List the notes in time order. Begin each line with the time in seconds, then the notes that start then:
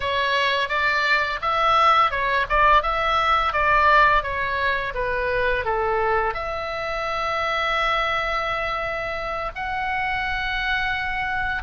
0.00 C#5
0.69 D5
1.41 E5
2.10 C#5
2.49 D5
2.82 E5
3.53 D5
4.22 C#5
4.94 B4
5.65 A4
6.33 E5
9.55 F#5